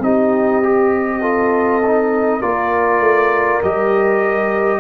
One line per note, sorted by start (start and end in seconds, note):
0.00 2.40 C4
0.00 0.63 D#4
0.00 1.21 G4
0.00 2.42 D#5
0.63 1.22 G4
1.21 1.82 F4
1.21 2.40 A4
1.86 2.42 D#4
2.40 3.00 A#3
2.40 3.62 F4
2.40 4.80 A#4
2.40 3.62 D5
3.00 3.60 A3
3.63 4.80 G3
3.63 4.80 G4
3.63 4.80 D#5